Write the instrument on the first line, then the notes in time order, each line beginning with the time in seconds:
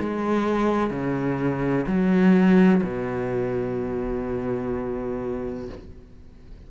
cello
0.00 G#3
0.91 C#3
1.87 F#3
2.84 B2